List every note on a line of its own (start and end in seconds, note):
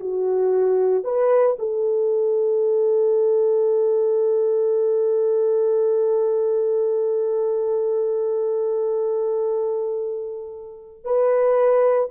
0.00 1.04 F#4
1.04 1.56 B4
1.59 11.04 A4
11.04 12.10 B4